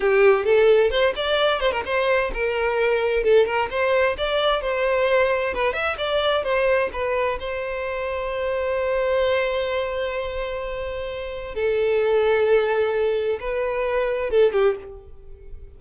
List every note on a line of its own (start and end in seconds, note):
0.00 0.44 G4
0.44 0.90 A4
0.90 1.13 C5
1.15 1.60 D5
1.60 1.71 C5
1.71 1.83 A#4
1.85 2.31 C5
2.33 3.23 A#4
3.23 3.46 A4
3.46 3.69 A#4
3.70 4.16 C5
4.17 4.61 D5
4.61 5.53 C5
5.53 5.73 B4
5.73 5.96 E5
5.97 6.43 D5
6.43 6.89 C5
6.92 7.38 B4
7.39 11.54 C5
11.54 13.39 A4
13.40 14.30 B4
14.30 14.52 A4
14.52 14.75 G4